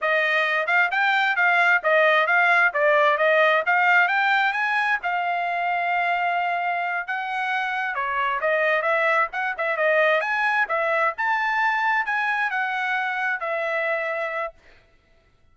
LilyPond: \new Staff \with { instrumentName = "trumpet" } { \time 4/4 \tempo 4 = 132 dis''4. f''8 g''4 f''4 | dis''4 f''4 d''4 dis''4 | f''4 g''4 gis''4 f''4~ | f''2.~ f''8 fis''8~ |
fis''4. cis''4 dis''4 e''8~ | e''8 fis''8 e''8 dis''4 gis''4 e''8~ | e''8 a''2 gis''4 fis''8~ | fis''4. e''2~ e''8 | }